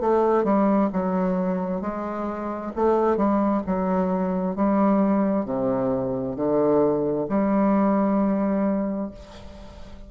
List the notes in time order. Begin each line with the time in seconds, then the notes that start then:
0.00 A3
0.44 G3
0.93 F#3
1.81 G#3
2.75 A3
3.16 G3
3.66 F#3
4.55 G3
5.45 C3
6.36 D3
7.29 G3